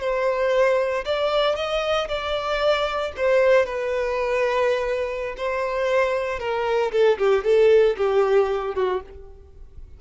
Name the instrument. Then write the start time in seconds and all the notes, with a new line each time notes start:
violin
0.00 C5
1.05 D5
1.56 D#5
2.08 D5
3.17 C5
3.66 B4
5.37 C5
6.39 A#4
6.92 A4
7.18 G4
7.44 A4
7.97 G4
8.75 F#4